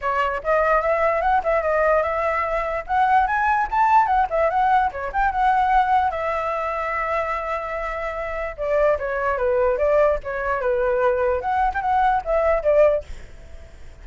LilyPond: \new Staff \with { instrumentName = "flute" } { \time 4/4 \tempo 4 = 147 cis''4 dis''4 e''4 fis''8 e''8 | dis''4 e''2 fis''4 | gis''4 a''4 fis''8 e''8 fis''4 | cis''8 g''8 fis''2 e''4~ |
e''1~ | e''4 d''4 cis''4 b'4 | d''4 cis''4 b'2 | fis''8. g''16 fis''4 e''4 d''4 | }